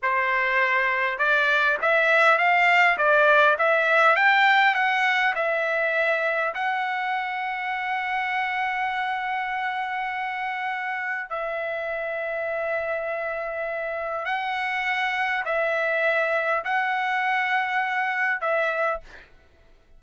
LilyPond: \new Staff \with { instrumentName = "trumpet" } { \time 4/4 \tempo 4 = 101 c''2 d''4 e''4 | f''4 d''4 e''4 g''4 | fis''4 e''2 fis''4~ | fis''1~ |
fis''2. e''4~ | e''1 | fis''2 e''2 | fis''2. e''4 | }